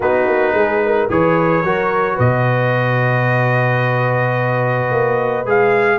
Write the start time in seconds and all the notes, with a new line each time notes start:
0.00 B3 D#4 F#4 B4
0.26 A#3
0.53 G#3 G#4
0.85 A#4
1.09 E3 G#4 B4 C#5
1.63 F#3 F#4 A#4
2.15 B2 B4 D#5
4.91 A#3
5.45 G#3 G#4 F5